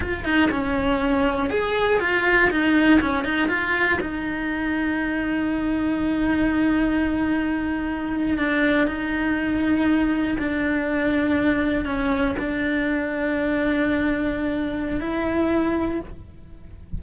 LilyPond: \new Staff \with { instrumentName = "cello" } { \time 4/4 \tempo 4 = 120 f'8 dis'8 cis'2 gis'4 | f'4 dis'4 cis'8 dis'8 f'4 | dis'1~ | dis'1~ |
dis'8. d'4 dis'2~ dis'16~ | dis'8. d'2. cis'16~ | cis'8. d'2.~ d'16~ | d'2 e'2 | }